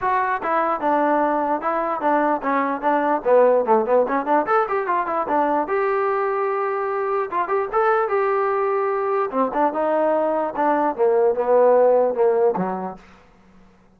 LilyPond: \new Staff \with { instrumentName = "trombone" } { \time 4/4 \tempo 4 = 148 fis'4 e'4 d'2 | e'4 d'4 cis'4 d'4 | b4 a8 b8 cis'8 d'8 a'8 g'8 | f'8 e'8 d'4 g'2~ |
g'2 f'8 g'8 a'4 | g'2. c'8 d'8 | dis'2 d'4 ais4 | b2 ais4 fis4 | }